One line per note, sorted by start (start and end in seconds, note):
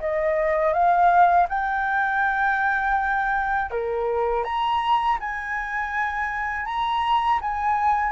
0.00 0.73 D#5
0.73 1.47 F5
1.49 3.71 G5
3.71 4.44 A#4
4.44 5.18 A#5
5.20 6.65 G#5
6.65 7.39 A#5
7.41 8.12 G#5